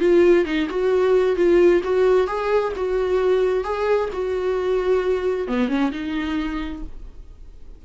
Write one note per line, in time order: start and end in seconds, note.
0.00 0.45 F4
0.45 0.68 D#4
0.70 1.36 F#4
1.36 1.82 F4
1.84 2.27 F#4
2.27 2.73 G#4
2.76 3.64 F#4
3.64 4.10 G#4
4.13 5.48 F#4
5.48 5.69 B3
5.69 5.91 C#4
5.92 6.83 D#4